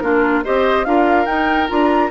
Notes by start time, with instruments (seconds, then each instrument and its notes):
0.00 bassoon A#3, clarinet D4, oboe F4, flute A#4
0.44 bassoon C4, clarinet G4, oboe C5, flute D#5
0.85 bassoon D4, clarinet F4, oboe A#4, flute F5
1.26 bassoon D#4, clarinet D#4, flute G5
1.68 bassoon D4, clarinet F4, flute A#5